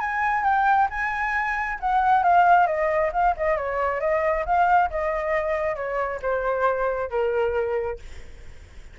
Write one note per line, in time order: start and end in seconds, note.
0.00 0.44 G#5
0.44 0.88 G5
0.90 1.79 G#5
1.80 2.23 F#5
2.23 2.67 F5
2.67 3.11 D#5
3.13 3.35 F5
3.37 3.57 D#5
3.57 4.00 C#5
4.00 4.45 D#5
4.46 4.90 F5
4.90 5.76 D#5
5.76 6.20 C#5
6.22 7.10 C5
7.10 7.99 A#4